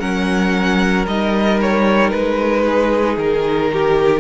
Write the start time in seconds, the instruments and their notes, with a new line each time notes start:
0.00 cello F#3, viola C#4, violin A#4 F#5
1.07 cello G3, viola D#4, violin D#5
1.61 violin C#5
2.11 cello G#3, violin B4
2.66 violin G#4
3.17 cello D#3, violin A#4
3.73 violin G4